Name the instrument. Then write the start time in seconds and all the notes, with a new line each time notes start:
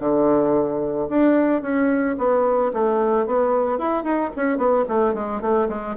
bassoon
0.00 D3
1.09 D4
1.62 C#4
2.18 B3
2.73 A3
3.26 B3
3.78 E4
4.03 D#4
4.36 C#4
4.57 B3
4.88 A3
5.14 G#3
5.41 A3
5.69 G#3